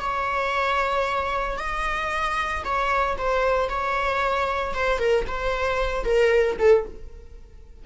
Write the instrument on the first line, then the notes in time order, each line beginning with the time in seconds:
viola
0.00 C#5
1.58 D#5
2.64 C#5
3.17 C5
3.69 C#5
4.74 C5
4.99 A#4
5.27 C5
6.04 A#4
6.58 A4